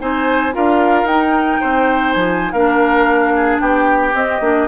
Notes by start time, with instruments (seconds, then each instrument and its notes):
0.00 bassoon C4, clarinet D#4, oboe C5, flute G#5
0.53 bassoon D4, clarinet F4, oboe A#4, flute F5
1.04 bassoon D#4, clarinet D#4, flute G5
1.60 bassoon C4, oboe C5
2.13 bassoon F3, flute G#5
2.51 bassoon A#3, clarinet D4, oboe A#4, flute F5
3.36 oboe G#4
3.60 bassoon B3, oboe G4, flute G5
4.13 clarinet C4, bassoon C4, flute D#5
4.41 bassoon A#3, clarinet D4